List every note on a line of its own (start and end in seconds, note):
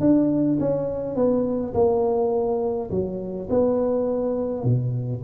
0.00 0.58 D4
0.60 1.15 C#4
1.15 1.73 B3
1.73 2.90 A#3
2.90 3.48 F#3
3.50 4.64 B3
4.64 5.22 B2